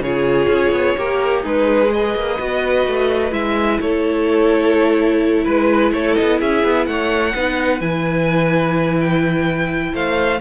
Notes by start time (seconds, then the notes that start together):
0.00 C#3 F4 G#4 C#5
0.49 C#4
0.72 B3
0.98 A#3 G4 A#4
1.43 G#3 D#4 G#4 B4
1.93 B4 D#5
2.15 A#3
2.39 B3 F#4
2.87 A3
3.31 G#3 E4 E5
3.81 A3 A4 C#5
5.44 G#3 B4
5.92 A3 A4 C#5
6.16 B3 D#5
6.40 C#4 G#4 E5
6.64 B3
6.87 A3 C#5 F#5
7.34 B3 D#4 B4
7.80 E3 E4 G#5
9.01 G5
9.94 A3 C5 F5